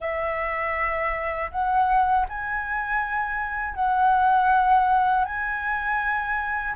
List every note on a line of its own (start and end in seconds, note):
0.00 1.50 E5
1.51 2.26 F#5
2.28 3.74 G#5
3.74 5.24 F#5
5.24 6.74 G#5